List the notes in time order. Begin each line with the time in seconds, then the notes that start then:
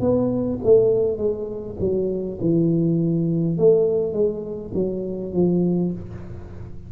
0.00 B3
0.64 A3
1.17 G#3
1.80 F#3
2.41 E3
3.58 A3
4.12 G#3
4.74 F#3
5.33 F3